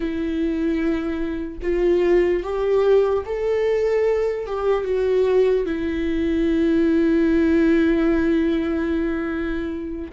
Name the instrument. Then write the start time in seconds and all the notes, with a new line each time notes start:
viola
0.00 E4
1.62 F4
2.43 G4
3.25 A4
4.46 G4
4.84 F#4
5.65 E4